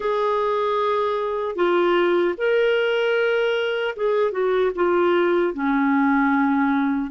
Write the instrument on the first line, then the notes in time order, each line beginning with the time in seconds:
clarinet
0.00 G#4
1.55 F4
2.37 A#4
3.96 G#4
4.31 F#4
4.75 F4
5.53 C#4